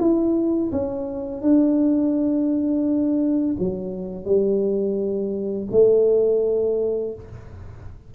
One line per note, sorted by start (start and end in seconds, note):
0.00 0.71 E4
0.72 1.42 C#4
1.42 3.56 D4
3.59 4.26 F#3
4.26 5.69 G3
5.72 7.15 A3